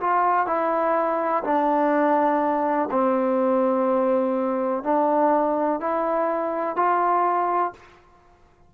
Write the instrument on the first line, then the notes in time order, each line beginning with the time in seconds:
trombone
0.00 F4
0.47 E4
1.44 D4
2.91 C4
4.83 D4
5.80 E4
6.77 F4